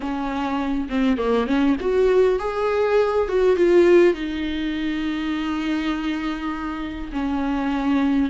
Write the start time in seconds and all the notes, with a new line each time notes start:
0.00 C#4
0.89 C4
1.17 A#3
1.46 C#4
1.80 F#4
2.39 G#4
3.28 F#4
3.56 F4
4.14 D#4
7.12 C#4